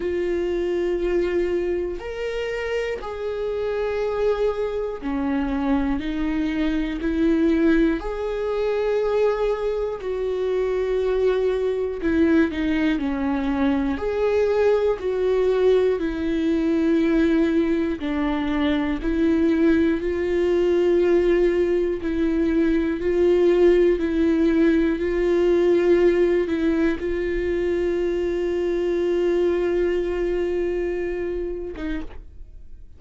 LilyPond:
\new Staff \with { instrumentName = "viola" } { \time 4/4 \tempo 4 = 60 f'2 ais'4 gis'4~ | gis'4 cis'4 dis'4 e'4 | gis'2 fis'2 | e'8 dis'8 cis'4 gis'4 fis'4 |
e'2 d'4 e'4 | f'2 e'4 f'4 | e'4 f'4. e'8 f'4~ | f'2.~ f'8. dis'16 | }